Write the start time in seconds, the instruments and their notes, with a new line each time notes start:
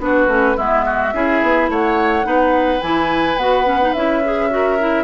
0.00 bassoon B3, clarinet D4, oboe F#4, flute B4
0.28 bassoon A3, clarinet C#4
0.57 bassoon G#3, clarinet B3, oboe E4, flute E5
0.86 oboe F#4
1.14 bassoon C#4, clarinet E4, oboe G#4
1.43 bassoon B3
1.69 bassoon A3, oboe C#5, flute F#5
2.23 bassoon B3, clarinet D#4, oboe B4
2.82 bassoon E3, clarinet E4, flute G#5
3.37 bassoon B3, clarinet F#4, flute F#5
3.65 clarinet C#4
3.82 clarinet D#4
3.94 bassoon C#4, clarinet E4, flute E5
4.25 clarinet G#4
4.50 clarinet F#4, oboe A#4
4.80 clarinet E4